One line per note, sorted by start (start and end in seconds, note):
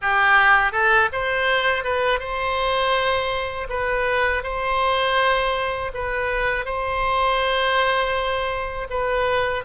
0.01 0.72 G4
0.72 1.09 A4
1.12 1.84 C5
1.84 2.19 B4
2.19 3.67 C5
3.69 4.43 B4
4.43 5.91 C5
5.94 6.65 B4
6.65 8.87 C5
8.90 9.64 B4